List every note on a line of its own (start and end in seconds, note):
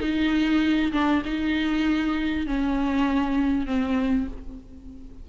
0.00 0.92 D#4
0.92 1.23 D4
1.25 2.47 D#4
2.47 3.66 C#4
3.66 4.27 C4